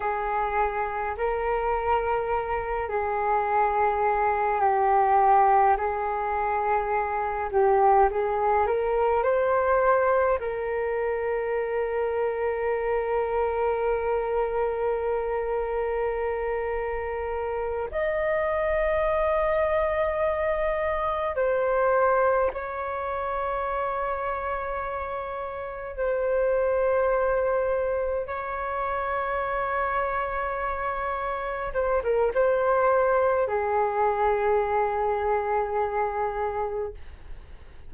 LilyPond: \new Staff \with { instrumentName = "flute" } { \time 4/4 \tempo 4 = 52 gis'4 ais'4. gis'4. | g'4 gis'4. g'8 gis'8 ais'8 | c''4 ais'2.~ | ais'2.~ ais'8 dis''8~ |
dis''2~ dis''8 c''4 cis''8~ | cis''2~ cis''8 c''4.~ | c''8 cis''2. c''16 ais'16 | c''4 gis'2. | }